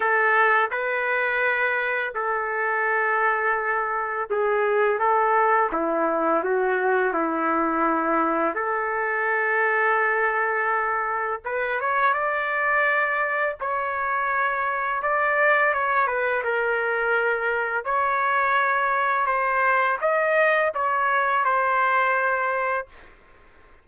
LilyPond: \new Staff \with { instrumentName = "trumpet" } { \time 4/4 \tempo 4 = 84 a'4 b'2 a'4~ | a'2 gis'4 a'4 | e'4 fis'4 e'2 | a'1 |
b'8 cis''8 d''2 cis''4~ | cis''4 d''4 cis''8 b'8 ais'4~ | ais'4 cis''2 c''4 | dis''4 cis''4 c''2 | }